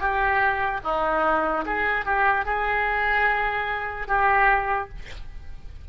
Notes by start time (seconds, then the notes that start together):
0.00 G4
0.84 D#4
1.66 G#4
2.06 G4
2.46 G#4
4.08 G4